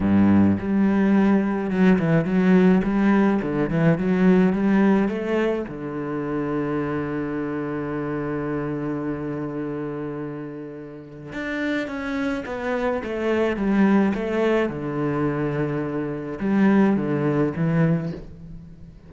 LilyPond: \new Staff \with { instrumentName = "cello" } { \time 4/4 \tempo 4 = 106 g,4 g2 fis8 e8 | fis4 g4 d8 e8 fis4 | g4 a4 d2~ | d1~ |
d1 | d'4 cis'4 b4 a4 | g4 a4 d2~ | d4 g4 d4 e4 | }